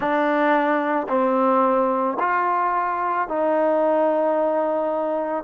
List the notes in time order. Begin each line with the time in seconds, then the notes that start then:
0.00 D4
1.08 C4
2.19 F4
3.28 D#4